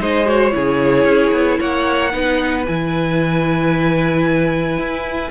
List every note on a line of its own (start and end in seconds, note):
0.00 0.53 G#3
0.00 0.25 D#4
0.00 0.54 C5
0.00 0.29 D#5
0.25 0.51 F#4
0.25 1.60 C#5
0.51 1.05 C#3
0.51 2.11 E4
0.51 1.59 G#4
1.05 1.32 C#4
1.32 1.59 B3
1.59 2.14 A#3
1.59 2.12 C#5
1.59 2.66 F#5
2.12 2.67 B3
2.12 2.65 D#4
2.12 5.31 B4
2.67 4.78 E3
2.67 5.31 E4
2.67 5.31 G#5
4.78 5.31 E4